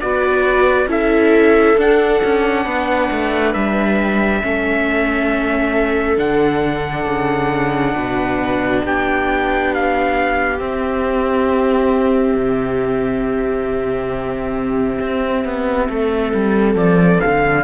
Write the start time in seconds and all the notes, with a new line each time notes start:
0.00 B3 F#4 B4 D5
0.86 C#4 E4 A4 E5
1.77 D4 F#5
2.23 C#4
2.64 B3 B4
3.11 A3
3.53 G3 E5
4.41 A3 C#4 A4
6.17 D3 D4 F#5
7.06 C#3
7.93 B2 B4
8.84 B3 G4 G5
9.74 F5
10.58 C4 E5
12.34 C3
15.00 C4
15.44 B3
15.89 A3 A4
16.34 G3
16.75 F3 D5
17.20 D3 F5